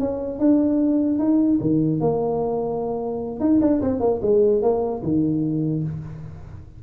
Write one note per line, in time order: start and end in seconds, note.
0.00 0.40 C#4
0.40 1.19 D4
1.19 1.59 D#4
1.61 2.01 D#3
2.01 3.40 A#3
3.40 3.60 D#4
3.61 3.82 D4
3.82 4.00 C4
4.00 4.21 A#3
4.22 4.62 G#3
4.62 5.03 A#3
5.03 5.84 D#3